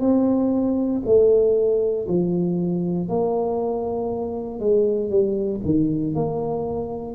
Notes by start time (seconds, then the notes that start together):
0.00 C4
1.05 A3
2.08 F3
3.09 A#3
4.59 G#3
5.10 G3
5.65 D#3
6.15 A#3